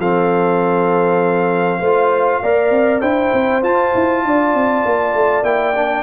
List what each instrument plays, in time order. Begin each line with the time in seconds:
0.00 tuba F3, trombone C4, horn A4, trumpet F5
1.80 tuba A3, trombone F4, horn C5
2.43 tuba A#3, trombone A#4, horn D5
2.71 tuba C4
3.02 tuba D4, trombone E4, horn C5, trumpet G5
3.34 tuba C4
3.63 tuba F4, trombone F4, trumpet A5
3.95 tuba E4
4.26 tuba D4, horn D5
4.55 tuba C4
4.86 tuba A#3
5.15 tuba A3
5.43 tuba A#3, trombone E4, trumpet G5
5.76 trombone D4